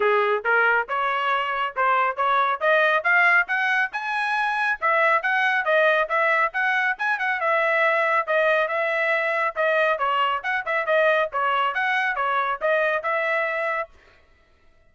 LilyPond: \new Staff \with { instrumentName = "trumpet" } { \time 4/4 \tempo 4 = 138 gis'4 ais'4 cis''2 | c''4 cis''4 dis''4 f''4 | fis''4 gis''2 e''4 | fis''4 dis''4 e''4 fis''4 |
gis''8 fis''8 e''2 dis''4 | e''2 dis''4 cis''4 | fis''8 e''8 dis''4 cis''4 fis''4 | cis''4 dis''4 e''2 | }